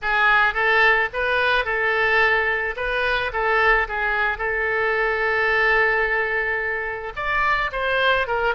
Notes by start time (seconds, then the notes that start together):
0.02 G#4
0.54 A4
1.13 B4
1.65 A4
2.76 B4
3.32 A4
3.88 G#4
4.38 A4
7.16 D5
7.72 C5
8.27 A#4